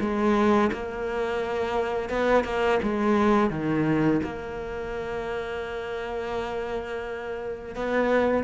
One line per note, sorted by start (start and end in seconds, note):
0.00 0.71 G#3
0.73 2.10 A#3
2.10 2.44 B3
2.44 2.79 A#3
2.83 3.50 G#3
3.50 4.21 D#3
4.24 7.76 A#3
7.76 8.44 B3